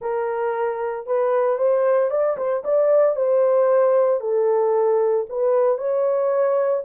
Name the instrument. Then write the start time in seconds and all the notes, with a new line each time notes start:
horn
0.01 A#4
1.06 B4
1.57 C5
2.10 D5
2.37 C5
2.64 D5
3.16 C5
4.20 A4
5.29 B4
5.78 C#5